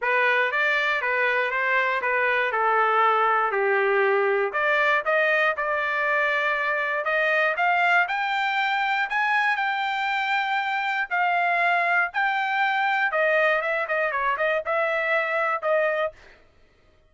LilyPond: \new Staff \with { instrumentName = "trumpet" } { \time 4/4 \tempo 4 = 119 b'4 d''4 b'4 c''4 | b'4 a'2 g'4~ | g'4 d''4 dis''4 d''4~ | d''2 dis''4 f''4 |
g''2 gis''4 g''4~ | g''2 f''2 | g''2 dis''4 e''8 dis''8 | cis''8 dis''8 e''2 dis''4 | }